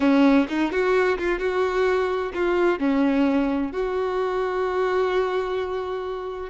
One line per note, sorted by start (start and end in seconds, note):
0.00 0.47 C#4
0.48 0.71 D#4
0.71 1.18 F#4
1.18 1.39 F4
1.39 2.32 F#4
2.33 2.79 F4
2.79 3.72 C#4
3.72 6.49 F#4